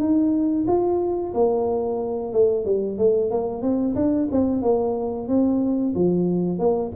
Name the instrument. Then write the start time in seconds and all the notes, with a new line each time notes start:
tuba
0.00 D#4
0.68 F4
1.35 A#3
2.33 A3
2.66 G3
2.99 A3
3.31 A#3
3.62 C4
3.96 D4
4.32 C4
4.62 A#3
5.28 C4
5.95 F3
6.59 A#3